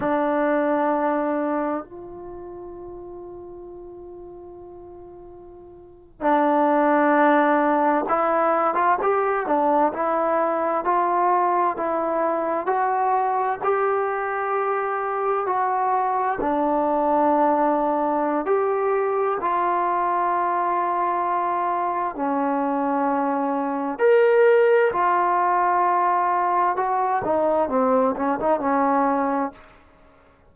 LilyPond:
\new Staff \with { instrumentName = "trombone" } { \time 4/4 \tempo 4 = 65 d'2 f'2~ | f'2~ f'8. d'4~ d'16~ | d'8. e'8. f'16 g'8 d'8 e'4 f'16~ | f'8. e'4 fis'4 g'4~ g'16~ |
g'8. fis'4 d'2~ d'16 | g'4 f'2. | cis'2 ais'4 f'4~ | f'4 fis'8 dis'8 c'8 cis'16 dis'16 cis'4 | }